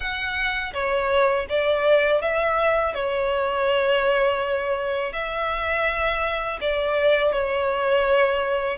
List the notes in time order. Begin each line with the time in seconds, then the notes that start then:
0.00 F#5
0.73 C#5
1.49 D5
2.22 E5
2.94 C#5
5.13 E5
6.61 D5
7.32 C#5